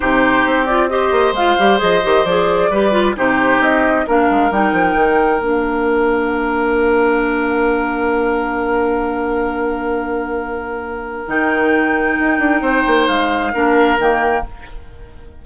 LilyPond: <<
  \new Staff \with { instrumentName = "flute" } { \time 4/4 \tempo 4 = 133 c''4. d''8 dis''4 f''4 | dis''4 d''2 c''4 | dis''4 f''4 g''2 | f''1~ |
f''1~ | f''1~ | f''4 g''2.~ | g''4 f''2 g''4 | }
  \new Staff \with { instrumentName = "oboe" } { \time 4/4 g'2 c''2~ | c''2 b'4 g'4~ | g'4 ais'2.~ | ais'1~ |
ais'1~ | ais'1~ | ais'1 | c''2 ais'2 | }
  \new Staff \with { instrumentName = "clarinet" } { \time 4/4 dis'4. f'8 g'4 f'8 g'8 | gis'8 g'8 gis'4 g'8 f'8 dis'4~ | dis'4 d'4 dis'2 | d'1~ |
d'1~ | d'1~ | d'4 dis'2.~ | dis'2 d'4 ais4 | }
  \new Staff \with { instrumentName = "bassoon" } { \time 4/4 c4 c'4. ais8 gis8 g8 | f8 dis8 f4 g4 c4 | c'4 ais8 gis8 g8 f8 dis4 | ais1~ |
ais1~ | ais1~ | ais4 dis2 dis'8 d'8 | c'8 ais8 gis4 ais4 dis4 | }
>>